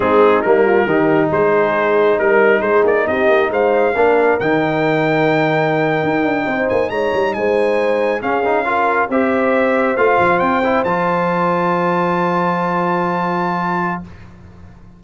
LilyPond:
<<
  \new Staff \with { instrumentName = "trumpet" } { \time 4/4 \tempo 4 = 137 gis'4 ais'2 c''4~ | c''4 ais'4 c''8 d''8 dis''4 | f''2 g''2~ | g''2.~ g''16 gis''8 ais''16~ |
ais''8. gis''2 f''4~ f''16~ | f''8. e''2 f''4 g''16~ | g''8. a''2.~ a''16~ | a''1 | }
  \new Staff \with { instrumentName = "horn" } { \time 4/4 dis'4. f'8 g'4 gis'4~ | gis'4 ais'4 gis'4 g'4 | c''4 ais'2.~ | ais'2~ ais'8. c''4 cis''16~ |
cis''8. c''2 gis'4 ais'16~ | ais'8. c''2.~ c''16~ | c''1~ | c''1 | }
  \new Staff \with { instrumentName = "trombone" } { \time 4/4 c'4 ais4 dis'2~ | dis'1~ | dis'4 d'4 dis'2~ | dis'1~ |
dis'2~ dis'8. cis'8 dis'8 f'16~ | f'8. g'2 f'4~ f'16~ | f'16 e'8 f'2.~ f'16~ | f'1 | }
  \new Staff \with { instrumentName = "tuba" } { \time 4/4 gis4 g4 dis4 gis4~ | gis4 g4 gis8 ais8 c'8 ais8 | gis4 ais4 dis2~ | dis4.~ dis16 dis'8 d'8 c'8 ais8 gis16~ |
gis16 g8 gis2 cis'4~ cis'16~ | cis'8. c'2 a8 f8 c'16~ | c'8. f2.~ f16~ | f1 | }
>>